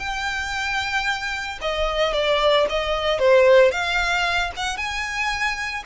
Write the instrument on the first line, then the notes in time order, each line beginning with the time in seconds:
violin
0.00 G5
1.62 D#5
2.14 D5
2.70 D#5
3.20 C5
3.72 F5
4.57 F#5
4.77 G#5